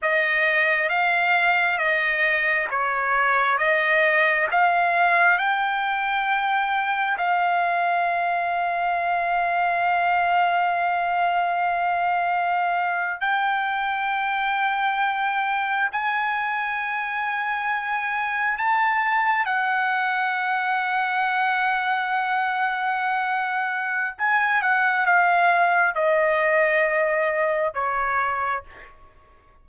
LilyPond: \new Staff \with { instrumentName = "trumpet" } { \time 4/4 \tempo 4 = 67 dis''4 f''4 dis''4 cis''4 | dis''4 f''4 g''2 | f''1~ | f''2~ f''8. g''4~ g''16~ |
g''4.~ g''16 gis''2~ gis''16~ | gis''8. a''4 fis''2~ fis''16~ | fis''2. gis''8 fis''8 | f''4 dis''2 cis''4 | }